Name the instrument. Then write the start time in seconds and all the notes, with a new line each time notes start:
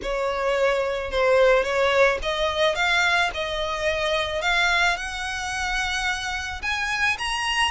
violin
0.02 C#5
1.11 C5
1.63 C#5
2.22 D#5
2.75 F5
3.34 D#5
4.41 F5
4.96 F#5
6.62 G#5
7.18 A#5